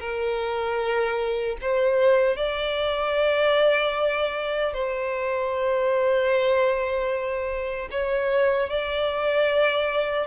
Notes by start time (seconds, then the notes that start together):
0.00 A#4
1.61 C5
2.37 D5
4.74 C5
7.91 C#5
8.69 D5